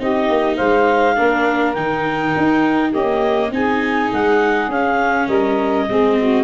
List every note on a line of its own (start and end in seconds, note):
0.00 0.29 C4
0.00 1.16 D#4
0.00 0.57 G4
0.00 0.57 D#5
0.30 0.59 A#3
0.57 1.19 G#3
0.57 1.16 C5
0.57 1.74 F5
1.16 1.76 A#3
1.16 1.75 D4
1.16 2.90 A#4
1.74 2.35 D#3
1.74 2.94 D#4
1.74 2.92 G5
2.38 2.95 D#4
2.90 3.52 A#3
2.90 3.52 C#4
2.90 3.49 G4
2.90 3.52 D#5
3.52 4.10 C4
3.52 4.71 D#4
3.52 5.27 G#4
3.52 4.13 G#5
4.13 4.69 G#3
4.13 4.72 F#5
4.69 5.27 C#4
4.69 5.89 C#4
4.69 5.28 F5
5.27 5.88 G3
5.27 5.86 A#4
5.27 6.44 D#5
5.89 6.44 G#3
5.89 6.44 C4
5.89 6.18 G#4
6.20 6.44 F#4